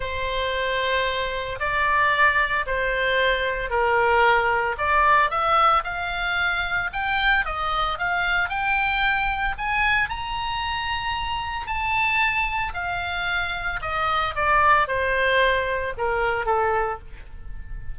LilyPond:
\new Staff \with { instrumentName = "oboe" } { \time 4/4 \tempo 4 = 113 c''2. d''4~ | d''4 c''2 ais'4~ | ais'4 d''4 e''4 f''4~ | f''4 g''4 dis''4 f''4 |
g''2 gis''4 ais''4~ | ais''2 a''2 | f''2 dis''4 d''4 | c''2 ais'4 a'4 | }